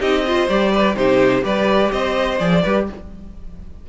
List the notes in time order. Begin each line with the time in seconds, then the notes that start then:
0.00 C4 D#4 G4 D#5
0.27 F4 C5
0.49 G3 G4 D5
0.72 B4
0.96 C3 D#4 G4 C5
1.42 G3 G4 B4 D5
1.92 C4 C5 D#5
2.39 F3 G#4 D5
2.63 G3 G4 B4